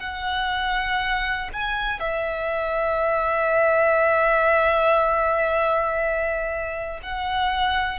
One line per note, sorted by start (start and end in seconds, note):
0.00 1.50 F#5
1.53 2.00 G#5
2.00 7.00 E5
7.02 7.99 F#5